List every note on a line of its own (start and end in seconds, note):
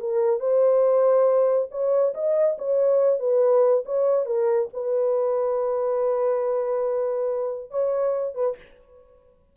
0.00 0.40 A#4
0.40 1.69 C5
1.71 2.14 C#5
2.14 2.57 D#5
2.59 3.20 C#5
3.20 3.84 B4
3.86 4.26 C#5
4.26 4.69 A#4
4.74 7.71 B4
7.71 8.35 C#5
8.35 8.56 B4